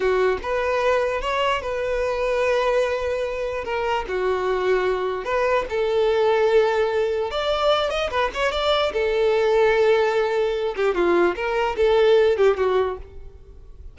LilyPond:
\new Staff \with { instrumentName = "violin" } { \time 4/4 \tempo 4 = 148 fis'4 b'2 cis''4 | b'1~ | b'4 ais'4 fis'2~ | fis'4 b'4 a'2~ |
a'2 d''4. dis''8 | b'8 cis''8 d''4 a'2~ | a'2~ a'8 g'8 f'4 | ais'4 a'4. g'8 fis'4 | }